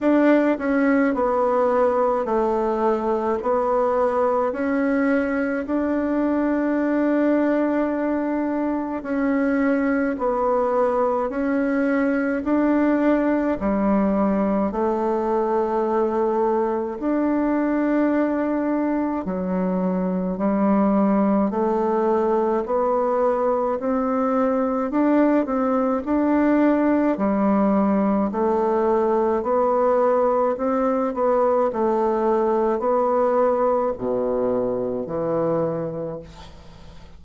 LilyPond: \new Staff \with { instrumentName = "bassoon" } { \time 4/4 \tempo 4 = 53 d'8 cis'8 b4 a4 b4 | cis'4 d'2. | cis'4 b4 cis'4 d'4 | g4 a2 d'4~ |
d'4 fis4 g4 a4 | b4 c'4 d'8 c'8 d'4 | g4 a4 b4 c'8 b8 | a4 b4 b,4 e4 | }